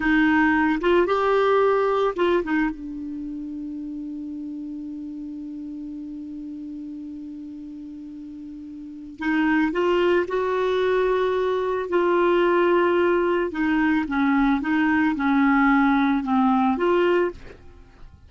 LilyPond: \new Staff \with { instrumentName = "clarinet" } { \time 4/4 \tempo 4 = 111 dis'4. f'8 g'2 | f'8 dis'8 d'2.~ | d'1~ | d'1~ |
d'4 dis'4 f'4 fis'4~ | fis'2 f'2~ | f'4 dis'4 cis'4 dis'4 | cis'2 c'4 f'4 | }